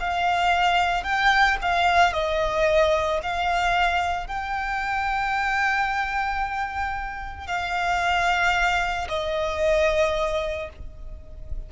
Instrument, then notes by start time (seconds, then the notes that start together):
violin
0.00 F5
1.04 G5
1.63 F5
2.13 D#5
3.23 F5
4.28 G5
7.48 F5
9.09 D#5